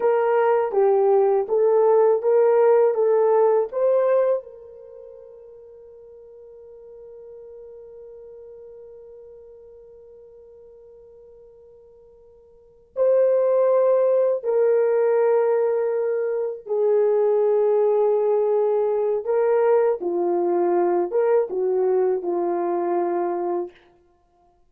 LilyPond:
\new Staff \with { instrumentName = "horn" } { \time 4/4 \tempo 4 = 81 ais'4 g'4 a'4 ais'4 | a'4 c''4 ais'2~ | ais'1~ | ais'1~ |
ais'4. c''2 ais'8~ | ais'2~ ais'8 gis'4.~ | gis'2 ais'4 f'4~ | f'8 ais'8 fis'4 f'2 | }